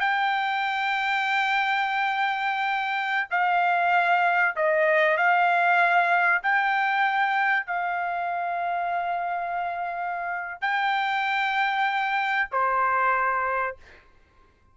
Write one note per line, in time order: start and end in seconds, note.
0.00 3.28 G5
3.31 4.56 F5
4.56 5.17 D#5
5.17 6.42 F5
6.43 7.66 G5
7.66 10.61 F5
10.61 12.49 G5
12.51 13.76 C5